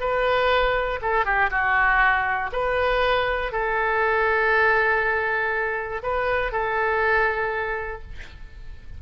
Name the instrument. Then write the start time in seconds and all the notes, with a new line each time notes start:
oboe
0.00 B4
1.02 A4
1.25 G4
1.50 F#4
2.52 B4
3.52 A4
6.03 B4
6.52 A4